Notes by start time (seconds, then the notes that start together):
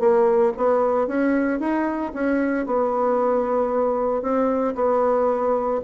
0.00 A#3
0.57 B3
1.07 C#4
1.60 D#4
2.14 C#4
2.66 B3
4.22 C4
4.75 B3